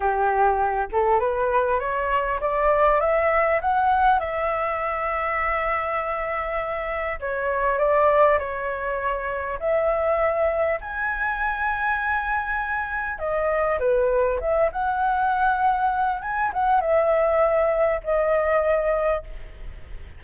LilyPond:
\new Staff \with { instrumentName = "flute" } { \time 4/4 \tempo 4 = 100 g'4. a'8 b'4 cis''4 | d''4 e''4 fis''4 e''4~ | e''1 | cis''4 d''4 cis''2 |
e''2 gis''2~ | gis''2 dis''4 b'4 | e''8 fis''2~ fis''8 gis''8 fis''8 | e''2 dis''2 | }